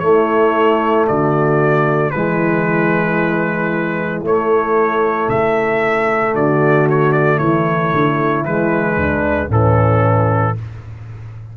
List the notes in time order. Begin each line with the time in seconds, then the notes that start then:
0.00 A3 E4 C#5
1.07 D3 F#4 D5
2.11 E3 G#3 E4 B4
4.22 A3 C#5
5.29 C#3 E5
6.34 D3 F#4 D5
6.90 C#5
7.12 D5
7.38 E3 E4 C#5
7.93 D3
8.44 E3 G#3 B4
8.96 D2 D4
9.48 A2 E3 C#4 A4